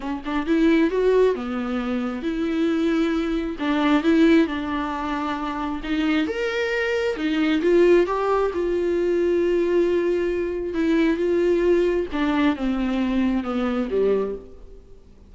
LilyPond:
\new Staff \with { instrumentName = "viola" } { \time 4/4 \tempo 4 = 134 cis'8 d'8 e'4 fis'4 b4~ | b4 e'2. | d'4 e'4 d'2~ | d'4 dis'4 ais'2 |
dis'4 f'4 g'4 f'4~ | f'1 | e'4 f'2 d'4 | c'2 b4 g4 | }